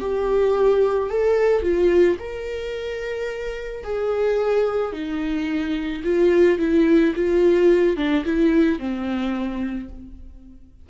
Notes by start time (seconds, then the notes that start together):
0.00 G4
1.10 A4
1.62 F4
2.19 A#4
3.84 G#4
4.92 D#4
6.04 F4
6.59 E4
7.15 F4
7.97 D4
8.25 E4
8.79 C4